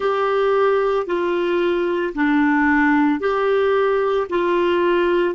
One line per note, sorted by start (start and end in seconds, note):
0.00 1.06 G4
1.06 2.13 F4
2.14 3.19 D4
3.19 4.27 G4
4.29 5.34 F4